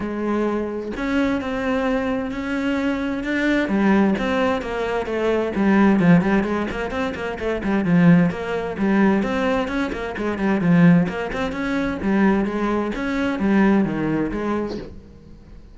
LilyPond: \new Staff \with { instrumentName = "cello" } { \time 4/4 \tempo 4 = 130 gis2 cis'4 c'4~ | c'4 cis'2 d'4 | g4 c'4 ais4 a4 | g4 f8 g8 gis8 ais8 c'8 ais8 |
a8 g8 f4 ais4 g4 | c'4 cis'8 ais8 gis8 g8 f4 | ais8 c'8 cis'4 g4 gis4 | cis'4 g4 dis4 gis4 | }